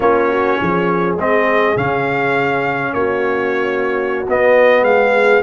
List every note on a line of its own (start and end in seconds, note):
0.00 0.59 A#3
0.00 1.18 C#4
0.00 0.28 F4
0.00 1.16 C#5
0.28 0.57 F#4
0.58 1.16 F3
0.58 2.94 G#4
1.16 1.75 G#3
1.16 1.76 C4
1.16 1.77 D#5
1.76 2.93 C#3
1.76 4.26 C#4
1.76 2.93 F5
2.93 4.25 A#3
2.93 4.87 F#4
2.93 4.26 C#5
4.28 4.82 B3
4.28 5.43 B3
4.28 4.84 D#5
4.82 5.41 G#3
4.82 5.43 G#4
4.82 5.43 F5